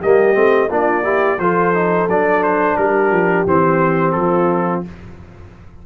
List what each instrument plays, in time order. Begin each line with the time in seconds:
0.00 tuba G3, trombone A#3, horn G4, trumpet D#5
0.34 tuba A3, trombone C4
0.70 tuba A#3, trombone D4, horn F4, trumpet D5
1.03 trombone E4, horn G4
1.39 tuba F3, trombone F4, horn A4, trumpet C5
1.74 trombone D#4
2.08 tuba F#3, trombone D4, trumpet D5
2.43 trumpet C5
2.76 tuba G3, horn G4, trumpet A#4
3.11 tuba F3
3.46 tuba E3, trombone C4, trumpet C5
4.12 tuba F3, horn F4, trumpet A4